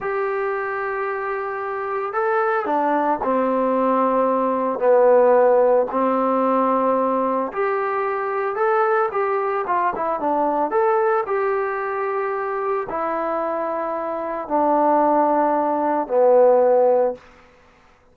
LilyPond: \new Staff \with { instrumentName = "trombone" } { \time 4/4 \tempo 4 = 112 g'1 | a'4 d'4 c'2~ | c'4 b2 c'4~ | c'2 g'2 |
a'4 g'4 f'8 e'8 d'4 | a'4 g'2. | e'2. d'4~ | d'2 b2 | }